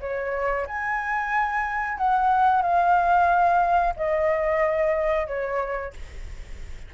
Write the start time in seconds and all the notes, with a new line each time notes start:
0.00 C#5
0.66 G#5
1.98 F#5
2.62 F5
3.96 D#5
5.27 C#5